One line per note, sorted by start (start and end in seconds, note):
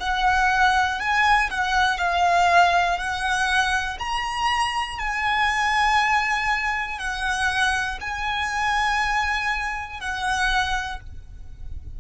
0.00 1.00 F#5
1.00 1.50 G#5
1.50 1.98 F#5
1.98 2.98 F5
2.98 3.98 F#5
4.00 4.99 A#5
4.99 6.99 G#5
6.99 7.99 F#5
8.00 10.00 G#5
10.00 11.00 F#5